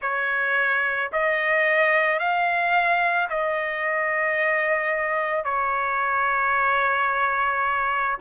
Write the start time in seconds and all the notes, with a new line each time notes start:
0.01 C#5
1.12 D#5
2.19 F5
3.29 D#5
5.44 C#5